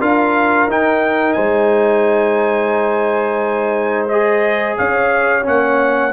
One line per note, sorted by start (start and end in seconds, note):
0.00 0.67 D4
0.00 0.68 F4
0.00 1.36 A#4
0.00 0.69 F5
0.67 1.35 D#4
0.67 4.10 D#4
0.67 1.33 G5
1.33 4.78 G#3
1.33 4.77 C5
1.33 4.05 G#5
4.08 5.42 G#4
4.08 4.76 D#5
4.78 5.47 C#4
4.78 6.13 C#5
4.78 5.46 F5
5.42 6.13 A#3
5.42 6.10 C#4
5.42 6.13 F#5